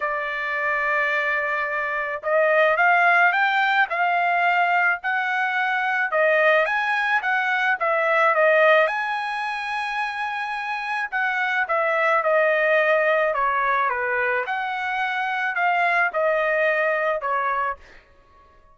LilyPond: \new Staff \with { instrumentName = "trumpet" } { \time 4/4 \tempo 4 = 108 d''1 | dis''4 f''4 g''4 f''4~ | f''4 fis''2 dis''4 | gis''4 fis''4 e''4 dis''4 |
gis''1 | fis''4 e''4 dis''2 | cis''4 b'4 fis''2 | f''4 dis''2 cis''4 | }